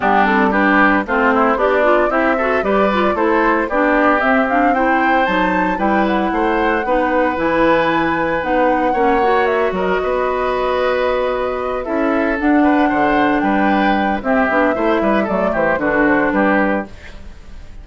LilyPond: <<
  \new Staff \with { instrumentName = "flute" } { \time 4/4 \tempo 4 = 114 g'8 a'8 b'4 c''4 d''4 | e''4 d''4 c''4 d''4 | e''8 f''8 g''4 a''4 g''8 fis''8~ | fis''2 gis''2 |
fis''2 e''8 dis''4.~ | dis''2~ dis''8 e''4 fis''8~ | fis''4. g''4. e''4~ | e''4 d''8 c''8 b'8 c''8 b'4 | }
  \new Staff \with { instrumentName = "oboe" } { \time 4/4 d'4 g'4 f'8 e'8 d'4 | g'8 a'8 b'4 a'4 g'4~ | g'4 c''2 b'4 | c''4 b'2.~ |
b'4 cis''4. ais'8 b'4~ | b'2~ b'8 a'4. | b'8 c''4 b'4. g'4 | c''8 b'8 a'8 g'8 fis'4 g'4 | }
  \new Staff \with { instrumentName = "clarinet" } { \time 4/4 b8 c'8 d'4 c'4 g'8 f'8 | e'8 fis'8 g'8 f'8 e'4 d'4 | c'8 d'8 e'4 dis'4 e'4~ | e'4 dis'4 e'2 |
dis'4 cis'8 fis'2~ fis'8~ | fis'2~ fis'8 e'4 d'8~ | d'2. c'8 d'8 | e'4 a4 d'2 | }
  \new Staff \with { instrumentName = "bassoon" } { \time 4/4 g2 a4 b4 | c'4 g4 a4 b4 | c'2 fis4 g4 | a4 b4 e2 |
b4 ais4. fis8 b4~ | b2~ b8 cis'4 d'8~ | d'8 d4 g4. c'8 b8 | a8 g8 fis8 e8 d4 g4 | }
>>